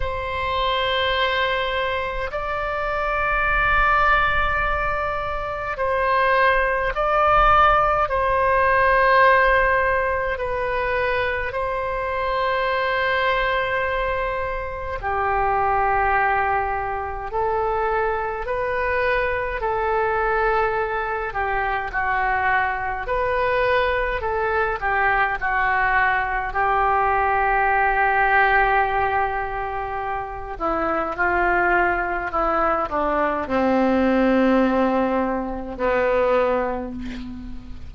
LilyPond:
\new Staff \with { instrumentName = "oboe" } { \time 4/4 \tempo 4 = 52 c''2 d''2~ | d''4 c''4 d''4 c''4~ | c''4 b'4 c''2~ | c''4 g'2 a'4 |
b'4 a'4. g'8 fis'4 | b'4 a'8 g'8 fis'4 g'4~ | g'2~ g'8 e'8 f'4 | e'8 d'8 c'2 b4 | }